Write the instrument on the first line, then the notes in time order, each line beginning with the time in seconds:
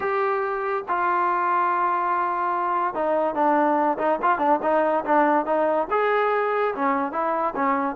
trombone
0.00 G4
0.88 F4
2.94 D#4
3.34 D4
3.98 D#4
4.21 F4
4.38 D4
4.62 D#4
5.05 D4
5.45 D#4
5.90 G#4
6.75 C#4
7.12 E4
7.55 C#4